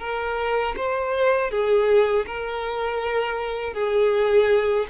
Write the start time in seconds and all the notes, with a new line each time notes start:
0.00 A#4
0.77 C5
1.51 G#4
2.27 A#4
3.74 G#4